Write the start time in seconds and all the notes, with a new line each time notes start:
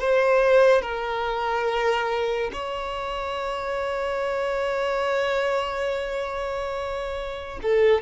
0.00 C5
0.82 A#4
2.53 C#5
7.62 A4